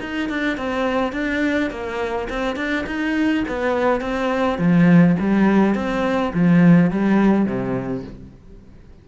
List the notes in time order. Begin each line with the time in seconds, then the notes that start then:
0.00 D#4
0.29 D4
0.57 C4
1.12 D4
1.70 A#3
2.29 C4
2.56 D4
2.86 D#4
3.48 B3
4.00 C4
4.58 F3
5.19 G3
5.74 C4
6.33 F3
6.90 G3
7.45 C3